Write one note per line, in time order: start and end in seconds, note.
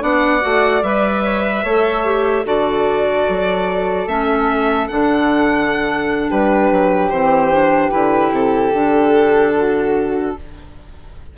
0.00 0.43 B3
0.00 0.41 D4
0.00 1.23 D5
0.00 0.83 F#5
0.41 0.83 A3
0.41 0.81 F#4
0.83 1.64 G3
0.83 1.65 B4
0.83 2.45 E5
1.24 1.42 C#5
1.42 1.62 B4
1.64 2.45 A3
1.64 2.05 A4
1.64 2.45 C#5
2.05 2.45 G4
2.45 3.26 D3
2.45 4.07 F#4
2.45 6.29 A4
2.45 4.08 D5
3.29 4.07 F#3
4.07 4.88 A3
4.07 4.89 C#4
4.07 4.88 E5
4.88 6.31 D3
4.88 7.11 D4
4.88 6.30 F#5
6.29 6.71 G3
6.29 9.53 G4
6.29 7.09 B4
6.71 7.11 F#3
7.09 7.92 E3
7.09 7.52 C4
7.09 7.90 C5
7.52 7.91 D4
7.91 8.32 D3
7.91 8.72 E4
7.91 8.31 B4
8.32 8.72 C3
8.32 10.37 A4
8.73 10.36 D3
8.73 10.36 D4
9.56 10.37 F#4